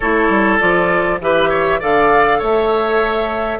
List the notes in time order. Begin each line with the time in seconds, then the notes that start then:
0.00 A3 E4 A4 C#5
0.29 G3
0.59 F3 F4 D5
1.20 E3 G4 B4 E5
1.49 C#5
1.79 D3 A4 D5 F5
2.38 A3 C#5 E5